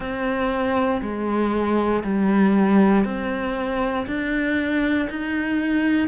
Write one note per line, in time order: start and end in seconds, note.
0.00 1.01 C4
1.01 2.03 G#3
2.03 3.04 G3
3.04 4.06 C4
4.06 5.08 D4
5.09 6.07 D#4